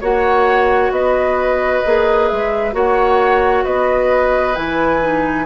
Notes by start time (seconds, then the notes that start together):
0.00 A#3 F#4 C#5 F#5
0.90 B3 B4 D#5
1.85 A#3 G#4
2.28 G#3 E5
2.72 A#3 F#4 C#5 F#5
3.64 B3 B4 D#5
4.55 E3 E4 G#5
5.01 D#4